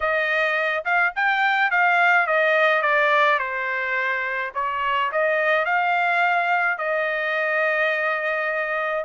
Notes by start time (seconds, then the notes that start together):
0.00 D#5
0.84 F5
1.15 G5
1.70 F5
2.26 D#5
2.81 D5
3.38 C5
4.54 C#5
5.11 D#5
5.64 F5
6.77 D#5